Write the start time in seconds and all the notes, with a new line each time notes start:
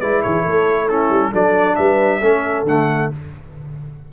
0.00 G#3 E4 B4 D5
0.22 E3 G#4 C#5
0.42 A3 A4
0.88 C#4 E4 A4
1.10 G3
1.32 F#3 D4 A4 D5
1.76 G3 B4 E5
2.21 A3 C#4 A4
2.64 D3 A3 F#5